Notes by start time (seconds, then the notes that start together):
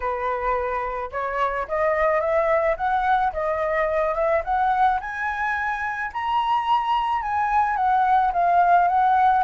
0.00 B4
1.11 C#5
1.67 D#5
2.20 E5
2.76 F#5
3.33 D#5
4.14 E5
4.44 F#5
5.00 G#5
6.13 A#5
7.22 G#5
7.76 F#5
8.33 F5
8.88 F#5